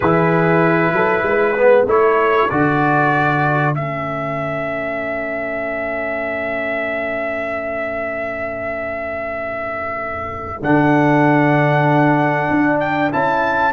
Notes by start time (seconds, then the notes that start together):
0.00 E3 E4 G#4 B4
0.92 F#3 A4
1.22 G#3 B4
1.57 B3
1.86 A3 E4 A4 C#5
2.49 D3 F#4 D5
3.74 A3 C#4 E5
10.61 D3 D4 F#5
12.50 D4
12.79 G5
13.12 C#4 E4 A5